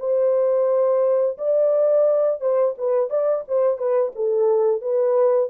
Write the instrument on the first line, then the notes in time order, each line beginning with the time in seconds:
horn
0.00 C5
1.38 D5
2.41 C5
2.78 B4
3.10 D5
3.48 C5
3.78 B4
4.16 A4
4.82 B4